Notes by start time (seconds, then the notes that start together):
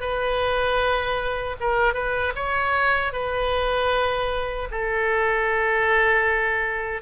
0.00 B4
1.60 A#4
1.93 B4
2.35 C#5
3.12 B4
4.70 A4